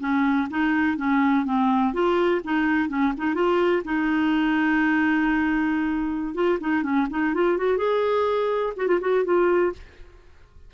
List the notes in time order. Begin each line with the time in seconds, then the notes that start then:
0.00 C#4
0.50 D#4
0.97 C#4
1.45 C4
1.93 F4
2.44 D#4
2.89 C#4
3.17 D#4
3.34 F4
3.84 D#4
6.34 F4
6.60 D#4
6.83 C#4
7.10 D#4
7.34 F4
7.57 F#4
7.77 G#4
8.76 F#4
8.87 F4
9.01 F#4
9.24 F4